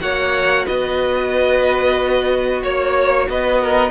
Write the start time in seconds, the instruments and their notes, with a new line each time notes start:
0.00 cello A#3, viola F#4, violin C#5 F#5
0.66 cello B3, violin B4 D#5
2.63 cello A#3, violin C#5
3.29 cello B3, violin B4 D#5
3.62 violin A#4